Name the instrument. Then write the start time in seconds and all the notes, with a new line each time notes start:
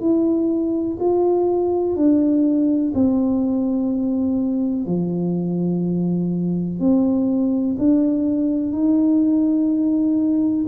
tuba
0.00 E4
0.99 F4
1.96 D4
2.94 C4
4.86 F3
6.79 C4
7.78 D4
8.72 D#4